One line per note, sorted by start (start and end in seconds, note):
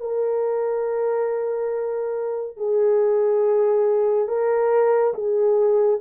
0.00 2.57 A#4
2.57 4.28 G#4
4.28 5.14 A#4
5.14 6.00 G#4